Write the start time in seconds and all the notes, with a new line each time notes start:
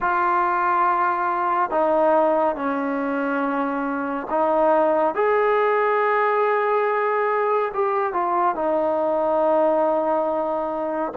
0.00 F4
1.70 D#4
2.55 C#4
4.30 D#4
5.14 G#4
7.74 G4
8.13 F4
8.55 D#4